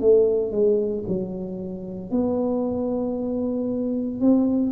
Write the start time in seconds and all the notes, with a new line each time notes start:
0.00 A3
0.52 G#3
1.08 F#3
2.11 B3
4.21 C4